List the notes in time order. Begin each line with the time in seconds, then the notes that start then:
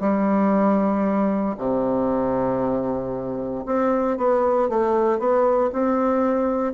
0.00 G3
1.57 C3
3.65 C4
4.17 B3
4.69 A3
5.19 B3
5.72 C4